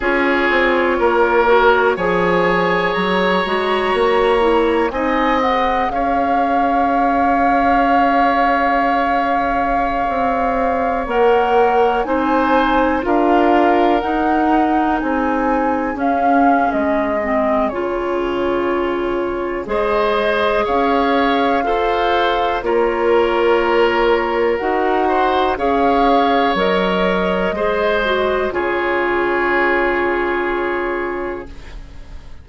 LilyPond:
<<
  \new Staff \with { instrumentName = "flute" } { \time 4/4 \tempo 4 = 61 cis''2 gis''4 ais''4~ | ais''4 gis''8 fis''8 f''2~ | f''2.~ f''16 fis''8.~ | fis''16 gis''4 f''4 fis''4 gis''8.~ |
gis''16 f''8. dis''4 cis''2 | dis''4 f''2 cis''4~ | cis''4 fis''4 f''4 dis''4~ | dis''4 cis''2. | }
  \new Staff \with { instrumentName = "oboe" } { \time 4/4 gis'4 ais'4 cis''2~ | cis''4 dis''4 cis''2~ | cis''1~ | cis''16 c''4 ais'2 gis'8.~ |
gis'1 | c''4 cis''4 c''4 ais'4~ | ais'4. c''8 cis''2 | c''4 gis'2. | }
  \new Staff \with { instrumentName = "clarinet" } { \time 4/4 f'4. fis'8 gis'4. fis'8~ | fis'8 e'8 dis'8 gis'2~ gis'8~ | gis'2.~ gis'16 ais'8.~ | ais'16 dis'4 f'4 dis'4.~ dis'16~ |
dis'16 cis'4~ cis'16 c'8 f'2 | gis'2 a'4 f'4~ | f'4 fis'4 gis'4 ais'4 | gis'8 fis'8 f'2. | }
  \new Staff \with { instrumentName = "bassoon" } { \time 4/4 cis'8 c'8 ais4 f4 fis8 gis8 | ais4 c'4 cis'2~ | cis'2~ cis'16 c'4 ais8.~ | ais16 c'4 d'4 dis'4 c'8.~ |
c'16 cis'8. gis4 cis2 | gis4 cis'4 f'4 ais4~ | ais4 dis'4 cis'4 fis4 | gis4 cis2. | }
>>